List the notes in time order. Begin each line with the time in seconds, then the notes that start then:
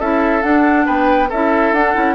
0.00 C#4 E4 A4 E5
0.42 D4 F#5
0.86 B3 B4 G5
1.29 C#4 E4 A4 E5
1.73 D4 F#5
1.95 C#4 E4